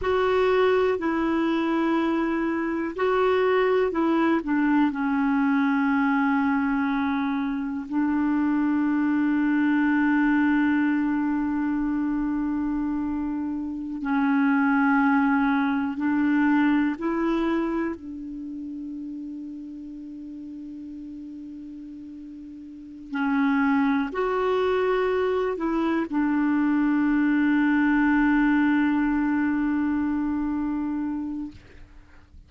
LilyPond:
\new Staff \with { instrumentName = "clarinet" } { \time 4/4 \tempo 4 = 61 fis'4 e'2 fis'4 | e'8 d'8 cis'2. | d'1~ | d'2~ d'16 cis'4.~ cis'16~ |
cis'16 d'4 e'4 d'4.~ d'16~ | d'2.~ d'8 cis'8~ | cis'8 fis'4. e'8 d'4.~ | d'1 | }